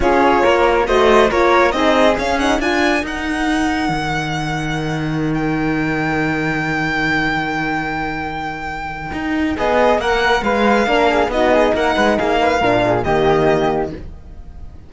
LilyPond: <<
  \new Staff \with { instrumentName = "violin" } { \time 4/4 \tempo 4 = 138 cis''2 dis''4 cis''4 | dis''4 f''8 fis''8 gis''4 fis''4~ | fis''1~ | fis''16 g''2.~ g''8.~ |
g''1~ | g''2 dis''4 fis''4 | f''2 dis''4 fis''4 | f''2 dis''2 | }
  \new Staff \with { instrumentName = "flute" } { \time 4/4 gis'4 ais'4 c''4 ais'4 | gis'2 ais'2~ | ais'1~ | ais'1~ |
ais'1~ | ais'2 gis'4 ais'4 | b'4 ais'8 gis'8 fis'8 gis'8 ais'8 b'8 | gis'8 b'8 ais'8 gis'8 g'2 | }
  \new Staff \with { instrumentName = "horn" } { \time 4/4 f'2 fis'4 f'4 | dis'4 cis'8 dis'8 f'4 dis'4~ | dis'1~ | dis'1~ |
dis'1~ | dis'1~ | dis'4 d'4 dis'2~ | dis'4 d'4 ais2 | }
  \new Staff \with { instrumentName = "cello" } { \time 4/4 cis'4 ais4 a4 ais4 | c'4 cis'4 d'4 dis'4~ | dis'4 dis2.~ | dis1~ |
dis1~ | dis4 dis'4 b4 ais4 | gis4 ais4 b4 ais8 gis8 | ais4 ais,4 dis2 | }
>>